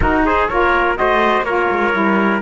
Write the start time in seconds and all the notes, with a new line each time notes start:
0.00 D#4 F#4 A#4
0.25 G#4 C5
0.48 A#3 F4 A#4 C#5
0.96 A3 F#4 C5 D#5
1.42 A#3 F4 A#4 C#5
1.71 G#3
1.92 G3 E4